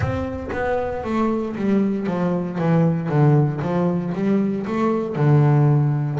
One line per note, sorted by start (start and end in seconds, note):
0.00 0.49 C4
0.52 1.03 B3
1.03 1.55 A3
1.56 2.06 G3
2.06 2.58 F3
2.58 3.08 E3
3.08 3.60 D3
3.61 4.13 F3
4.14 4.66 G3
4.66 5.15 A3
5.15 6.19 D3